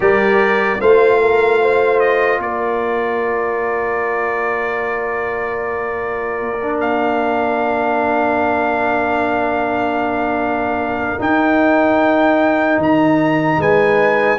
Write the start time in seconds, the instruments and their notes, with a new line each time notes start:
0.00 tuba G3, trombone G4, horn A#4, trumpet D5
0.79 tuba A3, trombone F4, horn C5, trumpet F5
1.21 horn A#4
1.61 horn C5
1.99 trumpet D#5
2.38 tuba A#3, horn A#4, trumpet D5
6.61 trombone D4
6.80 trumpet F5
11.19 trombone D#4, tuba D#4, trumpet G5
12.77 tuba D#3, trumpet A#5
13.57 tuba G#3, horn B4, trumpet G#5